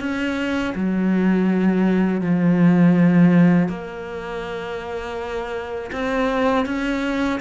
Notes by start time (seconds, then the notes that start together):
0.00 C#4
0.75 F#3
2.21 F3
3.68 A#3
5.92 C4
6.66 C#4